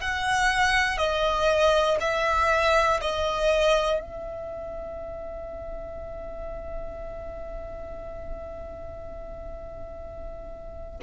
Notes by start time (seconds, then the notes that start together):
0.00 F#5
0.97 D#5
2.00 E5
3.00 D#5
4.00 E5